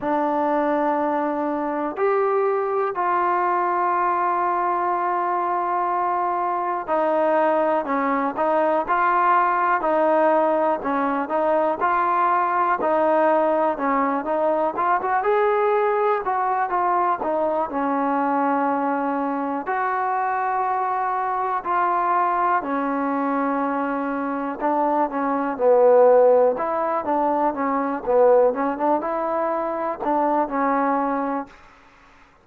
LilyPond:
\new Staff \with { instrumentName = "trombone" } { \time 4/4 \tempo 4 = 61 d'2 g'4 f'4~ | f'2. dis'4 | cis'8 dis'8 f'4 dis'4 cis'8 dis'8 | f'4 dis'4 cis'8 dis'8 f'16 fis'16 gis'8~ |
gis'8 fis'8 f'8 dis'8 cis'2 | fis'2 f'4 cis'4~ | cis'4 d'8 cis'8 b4 e'8 d'8 | cis'8 b8 cis'16 d'16 e'4 d'8 cis'4 | }